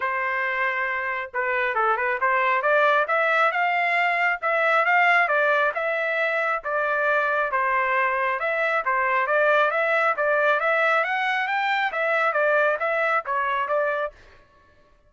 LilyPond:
\new Staff \with { instrumentName = "trumpet" } { \time 4/4 \tempo 4 = 136 c''2. b'4 | a'8 b'8 c''4 d''4 e''4 | f''2 e''4 f''4 | d''4 e''2 d''4~ |
d''4 c''2 e''4 | c''4 d''4 e''4 d''4 | e''4 fis''4 g''4 e''4 | d''4 e''4 cis''4 d''4 | }